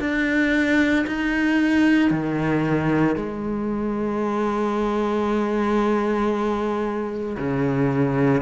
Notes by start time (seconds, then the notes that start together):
0.00 D4
1.07 D#4
2.11 D#3
3.16 G#3
7.37 C#3